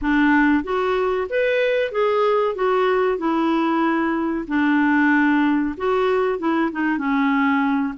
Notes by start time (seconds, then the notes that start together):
0.01 D4
0.63 F#4
1.29 B4
1.91 G#4
2.55 F#4
3.17 E4
4.47 D4
5.77 F#4
6.39 E4
6.71 D#4
6.97 C#4